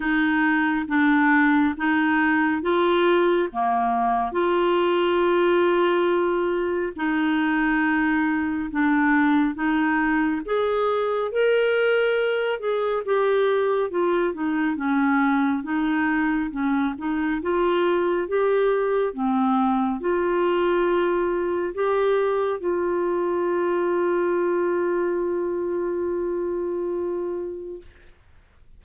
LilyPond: \new Staff \with { instrumentName = "clarinet" } { \time 4/4 \tempo 4 = 69 dis'4 d'4 dis'4 f'4 | ais4 f'2. | dis'2 d'4 dis'4 | gis'4 ais'4. gis'8 g'4 |
f'8 dis'8 cis'4 dis'4 cis'8 dis'8 | f'4 g'4 c'4 f'4~ | f'4 g'4 f'2~ | f'1 | }